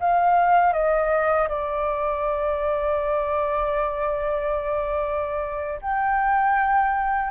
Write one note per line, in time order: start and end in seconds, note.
0.00 0.73 F5
0.73 1.48 D#5
1.48 5.80 D5
5.82 7.30 G5